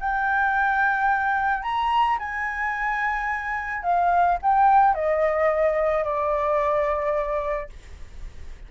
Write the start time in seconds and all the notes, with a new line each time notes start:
0.00 G5
1.63 A#5
2.19 G#5
3.83 F5
4.42 G5
4.94 D#5
6.04 D5